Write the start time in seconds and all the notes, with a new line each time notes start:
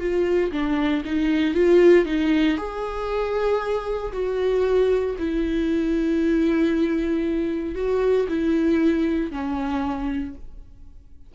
0.00 F4
0.52 D4
1.05 D#4
1.54 F4
2.06 D#4
2.57 G#4
4.13 F#4
5.19 E4
7.75 F#4
8.28 E4
9.31 C#4